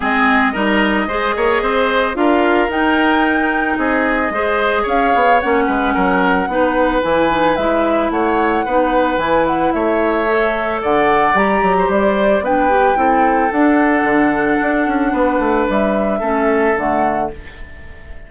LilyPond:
<<
  \new Staff \with { instrumentName = "flute" } { \time 4/4 \tempo 4 = 111 dis''1 | f''4 g''2 dis''4~ | dis''4 f''4 fis''2~ | fis''4 gis''4 e''4 fis''4~ |
fis''4 gis''8 fis''8 e''2 | fis''4 ais''4 d''4 g''4~ | g''4 fis''2.~ | fis''4 e''2 fis''4 | }
  \new Staff \with { instrumentName = "oboe" } { \time 4/4 gis'4 ais'4 c''8 cis''8 c''4 | ais'2. gis'4 | c''4 cis''4. b'8 ais'4 | b'2. cis''4 |
b'2 cis''2 | d''4.~ d''16 c''4~ c''16 b'4 | a'1 | b'2 a'2 | }
  \new Staff \with { instrumentName = "clarinet" } { \time 4/4 c'4 dis'4 gis'2 | f'4 dis'2. | gis'2 cis'2 | dis'4 e'8 dis'8 e'2 |
dis'4 e'2 a'4~ | a'4 g'2 d'8 g'8 | e'4 d'2.~ | d'2 cis'4 a4 | }
  \new Staff \with { instrumentName = "bassoon" } { \time 4/4 gis4 g4 gis8 ais8 c'4 | d'4 dis'2 c'4 | gis4 cis'8 b8 ais8 gis8 fis4 | b4 e4 gis4 a4 |
b4 e4 a2 | d4 g8 fis8 g4 b4 | c'4 d'4 d4 d'8 cis'8 | b8 a8 g4 a4 d4 | }
>>